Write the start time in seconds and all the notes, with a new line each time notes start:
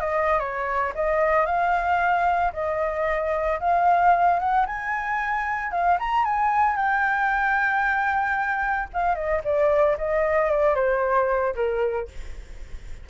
0.00 D#5
0.39 C#5
0.95 D#5
1.46 F5
2.53 D#5
3.60 F5
4.39 F#5
4.66 G#5
5.71 F5
5.99 A#5
6.24 G#5
6.76 G5
8.93 F5
9.15 D#5
9.44 D5
9.97 D#5
10.50 D5
10.74 C5
11.55 A#4